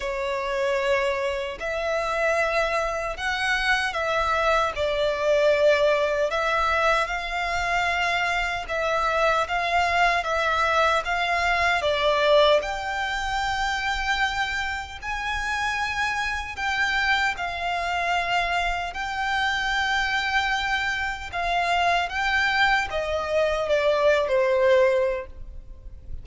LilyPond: \new Staff \with { instrumentName = "violin" } { \time 4/4 \tempo 4 = 76 cis''2 e''2 | fis''4 e''4 d''2 | e''4 f''2 e''4 | f''4 e''4 f''4 d''4 |
g''2. gis''4~ | gis''4 g''4 f''2 | g''2. f''4 | g''4 dis''4 d''8. c''4~ c''16 | }